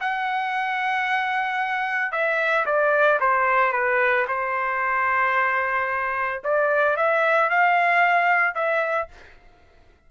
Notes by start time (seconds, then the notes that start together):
0.00 F#5
2.12 E5
2.65 D5
3.20 C5
3.72 B4
4.28 C5
6.44 D5
6.96 E5
7.50 F5
8.54 E5